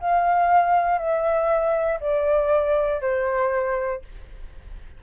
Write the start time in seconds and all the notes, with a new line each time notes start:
0.00 F5
0.98 E5
2.01 D5
3.01 C5